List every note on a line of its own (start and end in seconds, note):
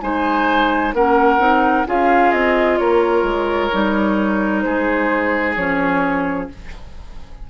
0.00 0.93 G#3
0.00 0.93 D#4
0.00 0.94 C5
0.00 0.92 G#5
0.93 1.38 A#3
0.93 1.39 C#4
0.93 1.87 A#4
0.93 1.86 F#5
1.38 1.84 C4
1.38 1.85 D#4
1.86 2.32 C#4
1.86 3.71 F4
1.86 2.79 G#4
1.86 2.31 F5
2.31 2.78 C4
2.31 2.77 D#5
2.77 3.22 A#3
2.77 4.64 A#4
2.77 4.61 C#5
3.22 3.69 G#3
3.71 4.64 G3
3.71 5.56 D#4
4.61 5.55 G#3
4.61 6.50 G#4
4.61 5.54 C5
5.55 6.48 F3
5.55 6.49 C#4
5.55 6.47 C#5